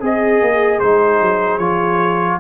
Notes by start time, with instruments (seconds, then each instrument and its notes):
0.00 tuba C4, horn G#4, trombone G#4, trumpet D#5
0.41 tuba A#3
0.80 tuba G#3, trombone D#4, trumpet C5
1.20 tuba F#3
1.58 tuba F3, trombone F4, trumpet C#5